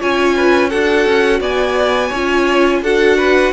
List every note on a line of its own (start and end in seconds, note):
0.00 0.74 C#4
0.00 0.71 F4
0.00 0.36 C#5
0.00 0.70 G#5
0.36 0.70 B4
0.70 1.06 D4
0.70 2.13 F#4
0.70 1.40 A4
0.70 1.41 F#5
1.06 1.41 C#4
1.41 2.11 B3
1.41 2.09 D5
1.41 2.84 G#5
2.09 2.83 C#4
2.09 2.79 C#5
2.15 2.84 F4
2.83 3.53 D4
2.83 3.53 F#4
2.83 3.18 A4
2.83 3.53 F#5
3.18 3.53 B4